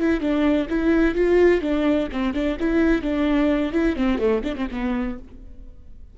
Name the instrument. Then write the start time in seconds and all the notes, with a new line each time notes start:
viola
0.00 E4
0.21 D4
0.70 E4
1.15 F4
1.62 D4
2.12 C4
2.34 D4
2.60 E4
3.03 D4
3.73 E4
3.97 C4
4.19 A3
4.44 D4
4.56 C4
4.72 B3